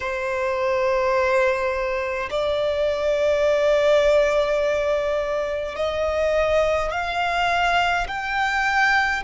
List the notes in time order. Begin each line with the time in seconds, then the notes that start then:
0.00 C5
2.30 D5
5.76 D#5
6.91 F5
8.07 G5